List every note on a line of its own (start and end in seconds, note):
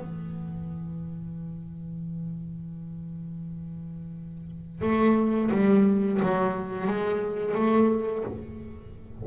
0.00 4.82 E3
4.82 5.50 A3
5.51 6.20 G3
6.22 6.87 F#3
6.87 7.55 G#3
7.55 8.24 A3